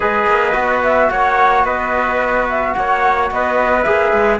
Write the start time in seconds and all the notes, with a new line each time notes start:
0.00 G#3 G#4 B4 D#5
0.26 A#3
0.52 B3 F#4
0.82 E5
1.10 A#3 C#5 F#5
1.64 B3 B4 D#5
2.49 E5
2.73 A#3 C#5 F#5
3.31 B3 B4 D#5
3.83 A#3 G#4 E5
4.12 G#3